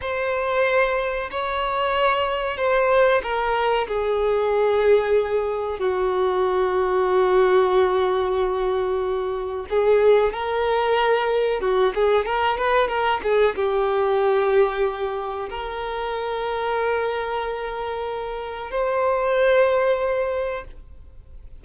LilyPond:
\new Staff \with { instrumentName = "violin" } { \time 4/4 \tempo 4 = 93 c''2 cis''2 | c''4 ais'4 gis'2~ | gis'4 fis'2.~ | fis'2. gis'4 |
ais'2 fis'8 gis'8 ais'8 b'8 | ais'8 gis'8 g'2. | ais'1~ | ais'4 c''2. | }